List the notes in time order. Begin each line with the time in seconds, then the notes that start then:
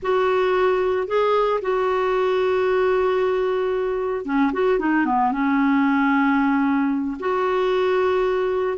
0.02 F#4
1.07 G#4
1.61 F#4
4.25 C#4
4.53 F#4
4.79 D#4
5.05 B3
5.31 C#4
7.19 F#4